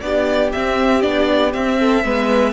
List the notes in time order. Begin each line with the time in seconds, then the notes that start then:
0.00 B3 D4 G4 D5
0.52 C4 E5
1.01 B3 D4 D5
1.53 C4 E5
1.79 A4
2.04 G#3 B3 B4